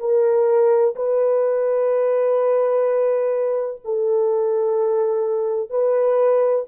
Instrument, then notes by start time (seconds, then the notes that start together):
horn
0.00 A#4
0.96 B4
3.85 A4
5.70 B4